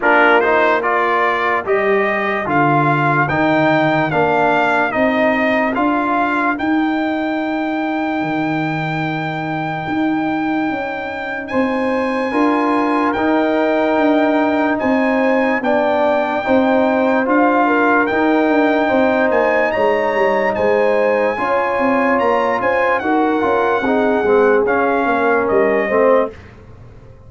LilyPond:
<<
  \new Staff \with { instrumentName = "trumpet" } { \time 4/4 \tempo 4 = 73 ais'8 c''8 d''4 dis''4 f''4 | g''4 f''4 dis''4 f''4 | g''1~ | g''2 gis''2 |
g''2 gis''4 g''4~ | g''4 f''4 g''4. gis''8 | ais''4 gis''2 ais''8 gis''8 | fis''2 f''4 dis''4 | }
  \new Staff \with { instrumentName = "horn" } { \time 4/4 f'4 ais'2.~ | ais'1~ | ais'1~ | ais'2 c''4 ais'4~ |
ais'2 c''4 d''4 | c''4. ais'4. c''4 | cis''4 c''4 cis''4. c''8 | ais'4 gis'4. ais'4 c''8 | }
  \new Staff \with { instrumentName = "trombone" } { \time 4/4 d'8 dis'8 f'4 g'4 f'4 | dis'4 d'4 dis'4 f'4 | dis'1~ | dis'2. f'4 |
dis'2. d'4 | dis'4 f'4 dis'2~ | dis'2 f'2 | fis'8 f'8 dis'8 c'8 cis'4. c'8 | }
  \new Staff \with { instrumentName = "tuba" } { \time 4/4 ais2 g4 d4 | dis4 ais4 c'4 d'4 | dis'2 dis2 | dis'4 cis'4 c'4 d'4 |
dis'4 d'4 c'4 b4 | c'4 d'4 dis'8 d'8 c'8 ais8 | gis8 g8 gis4 cis'8 c'8 ais8 cis'8 | dis'8 cis'8 c'8 gis8 cis'8 ais8 g8 a8 | }
>>